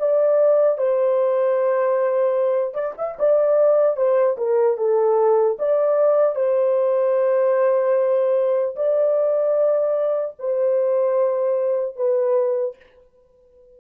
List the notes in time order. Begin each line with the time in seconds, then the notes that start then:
0.00 D5
0.78 C5
2.75 D5
2.98 E5
3.19 D5
3.97 C5
4.38 A#4
4.78 A4
5.60 D5
6.36 C5
8.76 D5
10.39 C5
11.96 B4